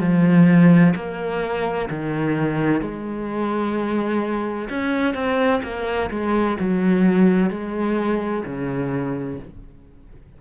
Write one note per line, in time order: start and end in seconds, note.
0.00 0.94 F3
0.95 1.89 A#3
1.90 2.81 D#3
2.81 4.69 G#3
4.70 5.14 C#4
5.14 5.61 C4
5.63 6.10 A#3
6.10 6.57 G#3
6.60 7.50 F#3
7.50 8.44 G#3
8.45 9.39 C#3